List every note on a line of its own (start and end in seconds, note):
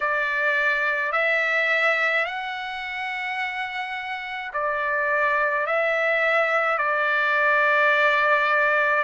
0.00 1.12 D5
1.12 2.25 E5
2.25 4.51 F#5
4.53 5.66 D5
5.66 6.78 E5
6.78 9.03 D5